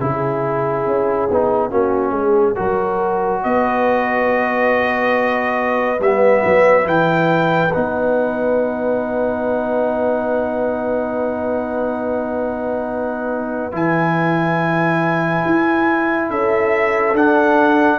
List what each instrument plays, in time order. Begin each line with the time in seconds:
0.00 tuba C#3, trombone E4, horn G#4, trumpet C#5
0.86 tuba C#4
1.31 tuba B3, trombone D#4
1.70 tuba A#3, trombone C#4, horn F#4
2.11 tuba G#3, horn G#4
2.56 tuba F#3, trombone F#4, horn A#4
3.44 tuba B3, horn B4, trumpet D#5
5.99 tuba G3, trombone B3, trumpet E5
6.45 tuba F#3
6.84 tuba E3, trombone E4, trumpet G5
7.72 tuba B3, trombone D#4, trumpet F#5
13.72 tuba E3, trombone E4, trumpet G#5
15.46 tuba E4
16.30 tuba C#4, horn A4, trumpet E5
17.13 tuba D4, trombone D4, trumpet F#5